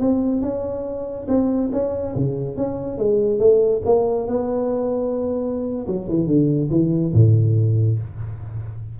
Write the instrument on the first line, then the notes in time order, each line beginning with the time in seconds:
tuba
0.00 C4
0.42 C#4
1.28 C4
1.73 C#4
2.15 C#3
2.57 C#4
2.98 G#3
3.39 A3
3.85 A#3
4.27 B3
5.87 F#3
6.09 E3
6.27 D3
6.70 E3
7.14 A2